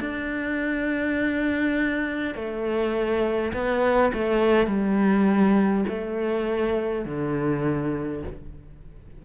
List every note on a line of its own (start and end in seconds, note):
0.00 2.35 D4
2.35 3.52 A3
3.53 4.12 B3
4.14 4.67 A3
4.67 5.84 G3
5.88 7.05 A3
7.05 8.23 D3